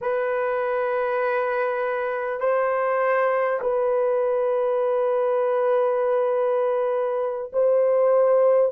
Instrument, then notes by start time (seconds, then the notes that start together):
horn
0.01 B4
2.40 C5
3.61 B4
7.53 C5